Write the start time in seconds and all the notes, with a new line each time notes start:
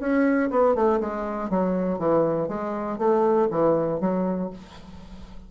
0.00 C#4
0.50 B3
0.75 A3
1.00 G#3
1.50 F#3
1.99 E3
2.48 G#3
2.98 A3
3.51 E3
4.00 F#3